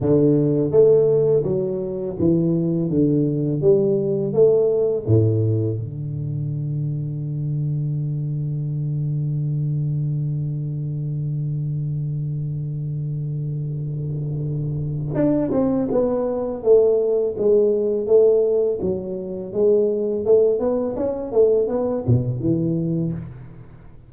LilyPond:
\new Staff \with { instrumentName = "tuba" } { \time 4/4 \tempo 4 = 83 d4 a4 fis4 e4 | d4 g4 a4 a,4 | d1~ | d1~ |
d1~ | d4 d'8 c'8 b4 a4 | gis4 a4 fis4 gis4 | a8 b8 cis'8 a8 b8 b,8 e4 | }